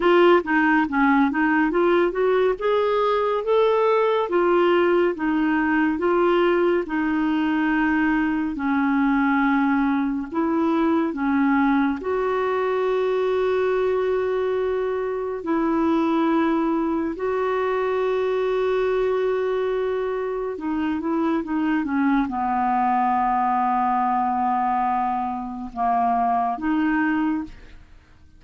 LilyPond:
\new Staff \with { instrumentName = "clarinet" } { \time 4/4 \tempo 4 = 70 f'8 dis'8 cis'8 dis'8 f'8 fis'8 gis'4 | a'4 f'4 dis'4 f'4 | dis'2 cis'2 | e'4 cis'4 fis'2~ |
fis'2 e'2 | fis'1 | dis'8 e'8 dis'8 cis'8 b2~ | b2 ais4 dis'4 | }